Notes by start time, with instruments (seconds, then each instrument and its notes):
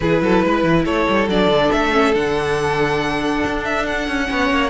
0.00 cello E3, viola E4, violin G#4 B4
0.21 cello F#3, violin A4
0.43 cello G#3, violin B4
0.63 cello E3
0.85 cello A3, violin A4 C#5
1.09 cello G3
1.27 cello F#3, viola D4, violin D5
1.47 cello D3
1.71 cello A3, violin E5
1.92 viola C#4
2.13 cello D3, viola D4, violin F#5
3.45 cello D4
3.64 violin E5
3.86 violin F#5
4.07 cello C#4
4.25 cello B3, viola C#4, violin C#5
4.50 cello A#3